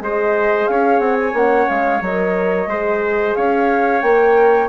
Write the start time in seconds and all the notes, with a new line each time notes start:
0.00 G#3 G#4 C5 D#5
0.67 C#4 C#5 F5
0.99 C4 F#5
1.20 G#5
1.33 A#3 C#4 F#5
1.68 G#3 F5
2.01 F#3 A#4 D#5
2.67 G#3 G#4 C5
3.35 C#4 C#5 F5
4.01 A#3 A#4 G5